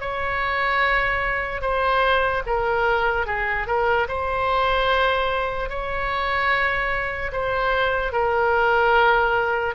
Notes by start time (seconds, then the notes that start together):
0.00 C#5
1.61 C5
2.46 A#4
3.26 G#4
3.67 A#4
4.08 C5
5.69 C#5
7.32 C5
8.12 A#4